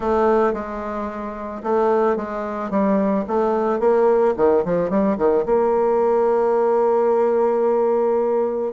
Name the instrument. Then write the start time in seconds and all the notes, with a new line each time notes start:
bassoon
0.00 A3
0.53 G#3
1.63 A3
2.16 G#3
2.70 G3
3.27 A3
3.79 A#3
4.36 D#3
4.64 F3
4.89 G3
5.17 D#3
5.45 A#3